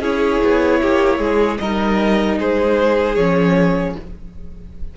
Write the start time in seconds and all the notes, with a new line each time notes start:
0.00 C#4 E4 G#4 C#5
0.43 B3
0.81 A#3 G4
1.19 G#3 G#4
1.58 G3 D#4 A#4 D#5
2.38 G#3 G#4 C5
3.15 F3 C#4 C#5